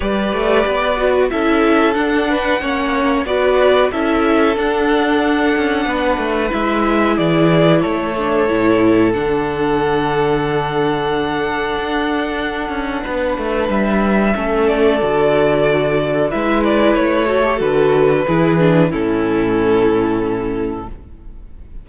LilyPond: <<
  \new Staff \with { instrumentName = "violin" } { \time 4/4 \tempo 4 = 92 d''2 e''4 fis''4~ | fis''4 d''4 e''4 fis''4~ | fis''2 e''4 d''4 | cis''2 fis''2~ |
fis''1~ | fis''4 e''4. d''4.~ | d''4 e''8 d''8 cis''4 b'4~ | b'4 a'2. | }
  \new Staff \with { instrumentName = "violin" } { \time 4/4 b'2 a'4. b'8 | cis''4 b'4 a'2~ | a'4 b'2 gis'4 | a'1~ |
a'1 | b'2 a'2~ | a'4 b'4. a'4. | gis'4 e'2. | }
  \new Staff \with { instrumentName = "viola" } { \time 4/4 g'4. fis'8 e'4 d'4 | cis'4 fis'4 e'4 d'4~ | d'2 e'2~ | e'8 d'8 e'4 d'2~ |
d'1~ | d'2 cis'4 fis'4~ | fis'4 e'4. fis'16 g'16 fis'4 | e'8 d'8 cis'2. | }
  \new Staff \with { instrumentName = "cello" } { \time 4/4 g8 a8 b4 cis'4 d'4 | ais4 b4 cis'4 d'4~ | d'8 cis'8 b8 a8 gis4 e4 | a4 a,4 d2~ |
d2 d'4. cis'8 | b8 a8 g4 a4 d4~ | d4 gis4 a4 d4 | e4 a,2. | }
>>